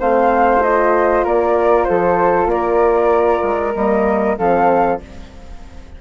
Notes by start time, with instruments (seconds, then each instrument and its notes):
0.00 bassoon A3, horn C4, flute C5 F5
0.63 horn F4, flute D#5
1.24 bassoon A#3, flute A#4 D5
1.84 bassoon F3, flute A4 C5
2.46 bassoon A#3, flute D5
2.54 flute A#4
3.43 bassoon G#3
3.75 bassoon G3, horn A#3, flute D#5
4.38 bassoon F3, horn C4, flute A4 F5